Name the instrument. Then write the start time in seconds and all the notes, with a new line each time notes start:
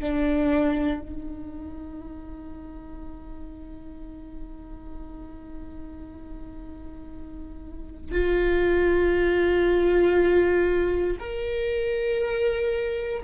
viola
0.00 D4
1.02 D#4
8.12 F4
11.20 A#4